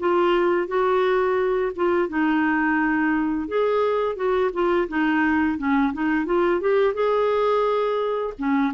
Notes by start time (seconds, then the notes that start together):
0.00 F4
0.68 F#4
1.76 F4
2.09 D#4
3.48 G#4
4.16 F#4
4.53 F4
4.89 D#4
5.58 C#4
5.93 D#4
6.26 F4
6.61 G4
6.95 G#4
8.39 C#4